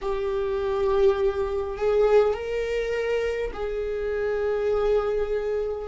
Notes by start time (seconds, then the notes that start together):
0.01 G4
1.77 G#4
2.34 A#4
3.53 G#4